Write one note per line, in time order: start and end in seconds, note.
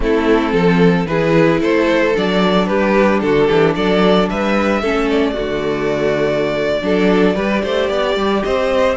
0.00 0.52 A3
0.00 1.07 C4
0.00 0.53 E4
0.00 1.06 A4
0.52 1.06 F3
0.52 1.07 A4
1.06 1.60 E3
1.06 2.14 E4
1.06 1.60 G#4
1.06 1.59 B4
1.60 2.14 A3
1.60 2.67 A4
1.60 2.16 C5
2.14 2.68 F#3
2.14 4.82 D4
2.14 2.66 D5
2.66 3.22 G3
2.66 3.22 G4
2.66 3.20 B4
3.21 3.48 D3
3.21 3.47 F#4
3.21 3.75 A4
3.47 3.75 E3
3.47 3.74 G4
3.75 4.29 F#3
3.75 4.29 A4
3.75 4.28 D5
4.29 4.82 G3
4.29 4.81 B4
4.29 5.09 E5
4.81 5.36 A3
4.81 5.34 C#4
4.81 5.33 A4
5.10 8.43 D5
5.33 6.82 D3
5.33 6.81 A3
5.33 6.80 F#4
6.82 7.35 F#3
6.82 7.35 D4
6.82 7.35 A4
7.35 7.62 G3
7.35 8.96 G4
7.35 7.62 B4
7.63 7.89 A3
7.63 7.89 C5
7.89 8.16 B3
7.89 8.43 D5
8.16 8.42 G3
8.43 8.96 C4
8.43 8.96 C5
8.43 8.96 D#5